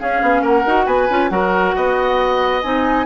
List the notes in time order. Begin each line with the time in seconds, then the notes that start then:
0.00 C#4 G#4 F5
0.22 B3
0.42 A#3 A#4 F#5
0.66 D#4 F#4
0.87 B3 B4 G#5
1.10 C#4 F4
1.30 F#3 F#4 A#4 F#5
1.76 B3 D#5
2.63 C4 D#4 G#5